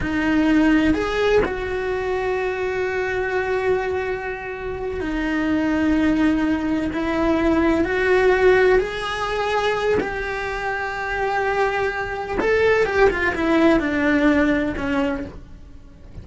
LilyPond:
\new Staff \with { instrumentName = "cello" } { \time 4/4 \tempo 4 = 126 dis'2 gis'4 fis'4~ | fis'1~ | fis'2~ fis'8 dis'4.~ | dis'2~ dis'8 e'4.~ |
e'8 fis'2 gis'4.~ | gis'4 g'2.~ | g'2 a'4 g'8 f'8 | e'4 d'2 cis'4 | }